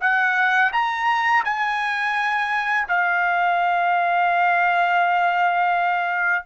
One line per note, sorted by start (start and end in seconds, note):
0.00 0.71 F#5
0.72 1.44 A#5
1.44 2.87 G#5
2.88 6.45 F5